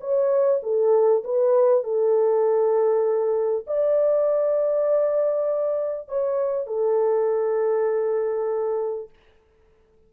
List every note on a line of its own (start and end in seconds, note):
0.00 0.61 C#5
0.62 1.23 A4
1.24 1.83 B4
1.83 3.65 A4
3.67 6.08 D5
6.08 6.67 C#5
6.67 9.09 A4